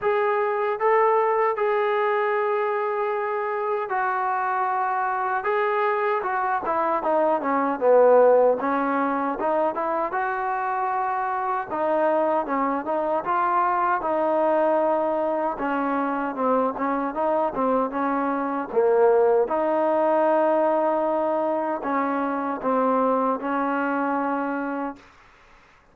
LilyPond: \new Staff \with { instrumentName = "trombone" } { \time 4/4 \tempo 4 = 77 gis'4 a'4 gis'2~ | gis'4 fis'2 gis'4 | fis'8 e'8 dis'8 cis'8 b4 cis'4 | dis'8 e'8 fis'2 dis'4 |
cis'8 dis'8 f'4 dis'2 | cis'4 c'8 cis'8 dis'8 c'8 cis'4 | ais4 dis'2. | cis'4 c'4 cis'2 | }